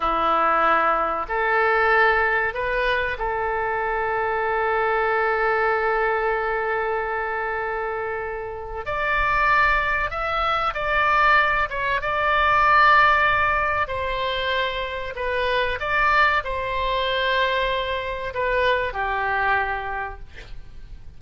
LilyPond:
\new Staff \with { instrumentName = "oboe" } { \time 4/4 \tempo 4 = 95 e'2 a'2 | b'4 a'2.~ | a'1~ | a'2 d''2 |
e''4 d''4. cis''8 d''4~ | d''2 c''2 | b'4 d''4 c''2~ | c''4 b'4 g'2 | }